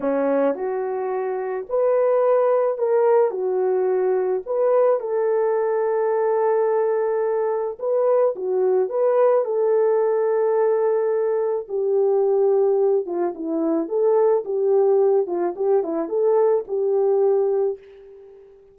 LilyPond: \new Staff \with { instrumentName = "horn" } { \time 4/4 \tempo 4 = 108 cis'4 fis'2 b'4~ | b'4 ais'4 fis'2 | b'4 a'2.~ | a'2 b'4 fis'4 |
b'4 a'2.~ | a'4 g'2~ g'8 f'8 | e'4 a'4 g'4. f'8 | g'8 e'8 a'4 g'2 | }